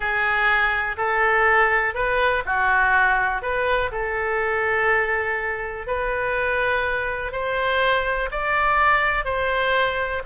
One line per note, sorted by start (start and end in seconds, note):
0.00 0.96 G#4
0.97 1.94 A4
1.94 2.43 B4
2.45 3.41 F#4
3.41 3.90 B4
3.91 5.86 A4
5.87 7.32 B4
7.32 8.29 C5
8.31 9.25 D5
9.25 10.22 C5